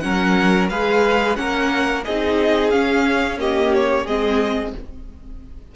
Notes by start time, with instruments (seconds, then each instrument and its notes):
0.00 cello F#3, viola C#4, violin A#4 F#5
0.69 cello G#3, viola G#4, violin B4 F5
1.35 cello A#3, viola C#4, violin A#4 F#5
2.04 cello C4, viola D#4, violin G#4 D#5
2.70 viola C#4, cello C#4, violin F5
3.38 viola A#3, violin G4 D#5
3.74 violin C#5
4.04 cello G#3, viola C4, violin G#4 D#5